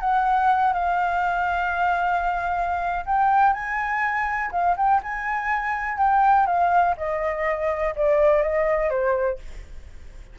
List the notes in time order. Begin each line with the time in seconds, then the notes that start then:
0.00 F#5
0.73 F5
3.06 G5
3.53 G#5
4.52 F5
4.77 G5
5.03 G#5
5.98 G5
6.47 F5
6.97 D#5
7.96 D5
8.42 D#5
8.90 C5